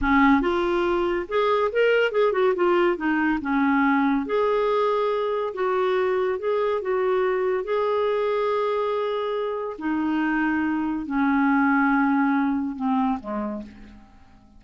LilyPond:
\new Staff \with { instrumentName = "clarinet" } { \time 4/4 \tempo 4 = 141 cis'4 f'2 gis'4 | ais'4 gis'8 fis'8 f'4 dis'4 | cis'2 gis'2~ | gis'4 fis'2 gis'4 |
fis'2 gis'2~ | gis'2. dis'4~ | dis'2 cis'2~ | cis'2 c'4 gis4 | }